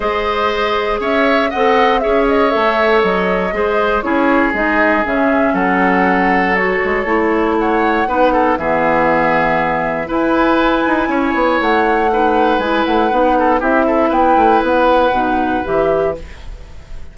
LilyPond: <<
  \new Staff \with { instrumentName = "flute" } { \time 4/4 \tempo 4 = 119 dis''2 e''4 fis''4 | e''8 dis''8 e''4 dis''2 | cis''4 dis''4 e''4 fis''4~ | fis''4 cis''2 fis''4~ |
fis''4 e''2. | gis''2. fis''4~ | fis''4 gis''8 fis''4. e''4 | g''4 fis''2 e''4 | }
  \new Staff \with { instrumentName = "oboe" } { \time 4/4 c''2 cis''4 dis''4 | cis''2. c''4 | gis'2. a'4~ | a'2. cis''4 |
b'8 a'8 gis'2. | b'2 cis''2 | b'2~ b'8 a'8 g'8 a'8 | b'1 | }
  \new Staff \with { instrumentName = "clarinet" } { \time 4/4 gis'2. a'4 | gis'4 a'2 gis'4 | e'4 dis'4 cis'2~ | cis'4 fis'4 e'2 |
dis'4 b2. | e'1 | dis'4 e'4 dis'4 e'4~ | e'2 dis'4 g'4 | }
  \new Staff \with { instrumentName = "bassoon" } { \time 4/4 gis2 cis'4 c'4 | cis'4 a4 fis4 gis4 | cis'4 gis4 cis4 fis4~ | fis4. gis8 a2 |
b4 e2. | e'4. dis'8 cis'8 b8 a4~ | a4 gis8 a8 b4 c'4 | b8 a8 b4 b,4 e4 | }
>>